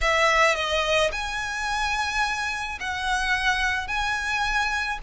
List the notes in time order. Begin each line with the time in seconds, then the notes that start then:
0.01 E5
0.55 D#5
1.12 G#5
2.80 F#5
3.87 G#5